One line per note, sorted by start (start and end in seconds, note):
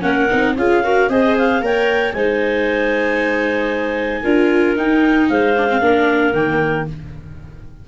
0.00 0.29 A#3
0.00 0.26 C#4
0.00 0.54 A#4
0.00 0.54 F#5
0.30 0.56 C4
0.30 0.56 D#4
0.56 1.08 C#4
0.56 0.83 F4
0.56 0.83 G#4
0.56 1.10 F5
0.83 1.09 F#4
0.83 1.09 A#4
1.08 1.60 C4
1.08 1.61 G#4
1.08 1.62 C5
1.08 1.36 D#5
1.37 1.64 F5
1.60 2.13 A#3
1.60 2.14 A#4
1.60 2.15 C#5
1.60 2.12 G5
2.12 4.24 G#3
2.12 4.23 D#4
2.12 4.22 C5
2.12 4.76 G#5
4.22 4.76 D4
4.22 4.76 F4
4.22 5.27 A#4
4.76 5.55 D#4
4.76 5.29 D#4
4.76 5.29 G5
5.29 5.81 G#3
5.29 5.82 C5
5.29 6.33 F5
5.57 5.68 D4
5.68 5.81 C4
5.81 6.33 A#3
5.81 6.33 D4
5.81 6.87 A#4
6.33 6.85 D#3
6.33 6.86 A#3
6.33 6.86 G5